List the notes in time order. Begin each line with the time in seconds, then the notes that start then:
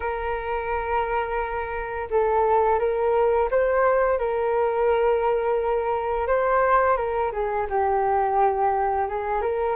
0.00 A#4
2.10 A4
2.79 A#4
3.50 C5
4.19 A#4
6.27 C5
6.96 A#4
7.32 G#4
7.69 G4
9.08 G#4
9.41 A#4